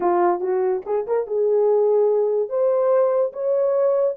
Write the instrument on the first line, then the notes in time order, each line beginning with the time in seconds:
horn
0.00 F4
0.40 F#4
0.85 G#4
1.07 A#4
1.26 G#4
2.49 C5
3.32 C#5